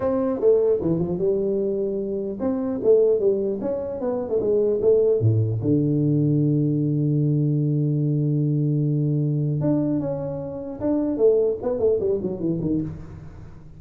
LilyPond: \new Staff \with { instrumentName = "tuba" } { \time 4/4 \tempo 4 = 150 c'4 a4 e8 f8 g4~ | g2 c'4 a4 | g4 cis'4 b8. a16 gis4 | a4 a,4 d2~ |
d1~ | d1 | d'4 cis'2 d'4 | a4 b8 a8 g8 fis8 e8 dis8 | }